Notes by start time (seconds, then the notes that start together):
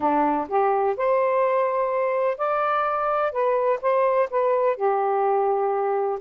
0.00 D4
0.48 G4
0.97 C5
2.37 D5
3.32 B4
3.81 C5
4.30 B4
4.76 G4